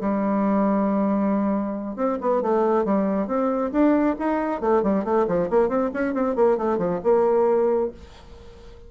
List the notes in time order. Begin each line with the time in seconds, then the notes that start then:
0.00 G3
1.96 C4
2.20 B3
2.42 A3
2.84 G3
3.27 C4
3.71 D4
4.18 D#4
4.60 A3
4.83 G3
5.04 A3
5.27 F3
5.50 A#3
5.68 C4
5.93 C#4
6.14 C4
6.35 A#3
6.57 A3
6.78 F3
7.03 A#3